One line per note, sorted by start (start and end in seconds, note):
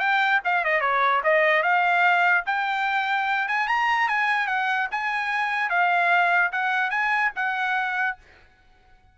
0.00 0.41 G5
0.45 0.65 F5
0.65 0.81 D#5
0.81 1.22 C#5
1.24 1.63 D#5
1.63 2.45 F5
2.46 3.48 G5
3.49 3.68 G#5
3.68 4.09 A#5
4.09 4.47 G#5
4.47 4.88 F#5
4.92 5.70 G#5
5.70 6.51 F5
6.53 6.91 F#5
6.91 7.31 G#5
7.36 8.18 F#5